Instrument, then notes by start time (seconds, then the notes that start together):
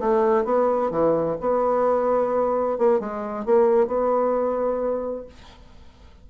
bassoon
0.00 A3
0.45 B3
0.91 E3
1.41 B3
2.79 A#3
3.00 G#3
3.46 A#3
3.87 B3